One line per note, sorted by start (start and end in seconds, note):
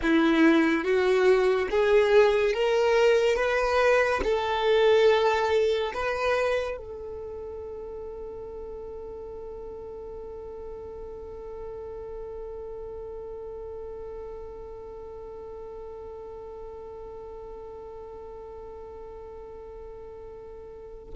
0.02 0.84 E4
0.84 1.68 F#4
1.70 2.54 G#4
2.54 3.36 A#4
3.36 4.20 B4
4.23 5.92 A4
5.93 6.77 B4
6.77 21.13 A4